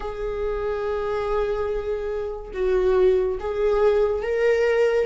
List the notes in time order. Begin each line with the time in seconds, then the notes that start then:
0.00 G#4
2.54 F#4
3.40 G#4
4.22 A#4